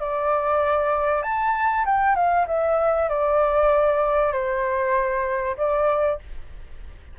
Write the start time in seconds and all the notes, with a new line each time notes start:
0.00 D5
1.23 A5
1.86 G5
2.16 F5
2.47 E5
3.09 D5
4.33 C5
5.57 D5